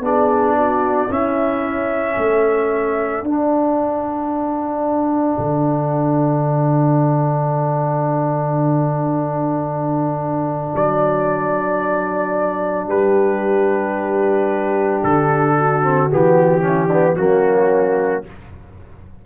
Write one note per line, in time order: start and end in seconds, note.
0.00 1.07 B3
0.00 1.09 D4
0.00 0.57 G#4
0.00 1.12 D5
0.58 1.11 F#4
1.10 2.17 C#4
1.10 3.25 C#4
1.10 2.18 E4
1.10 3.25 E5
2.18 3.23 A3
2.18 12.88 A4
3.23 5.37 D4
3.23 15.83 D4
3.23 10.75 F#5
5.38 10.74 D3
10.76 12.88 F#3
10.76 12.90 D5
12.88 15.02 G3
12.88 15.56 G4
12.88 15.04 B4
15.04 16.11 D3
15.04 16.11 A4
15.57 16.65 F#4
15.83 16.10 C4
16.10 17.17 E3
16.10 16.62 B3
16.10 17.16 G4
16.62 16.88 C#4
16.62 16.88 E4
16.88 17.17 B3
16.88 17.15 D4
17.16 18.25 F#3
17.16 18.24 A#3
17.16 18.26 C#4
17.16 18.23 F#4